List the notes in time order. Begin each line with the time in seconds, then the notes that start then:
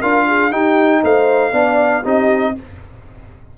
0.00 D4 F4 A#4 F5
0.26 G#4
0.51 D#4 G4 G5
1.03 A3 C5 F5
1.51 B3 D4 D5
2.02 C4 D#4 G4 D#5